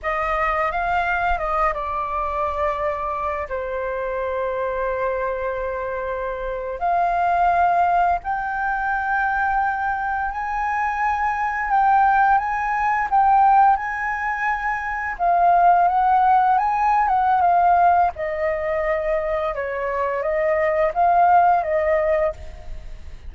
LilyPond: \new Staff \with { instrumentName = "flute" } { \time 4/4 \tempo 4 = 86 dis''4 f''4 dis''8 d''4.~ | d''4 c''2.~ | c''4.~ c''16 f''2 g''16~ | g''2~ g''8. gis''4~ gis''16~ |
gis''8. g''4 gis''4 g''4 gis''16~ | gis''4.~ gis''16 f''4 fis''4 gis''16~ | gis''8 fis''8 f''4 dis''2 | cis''4 dis''4 f''4 dis''4 | }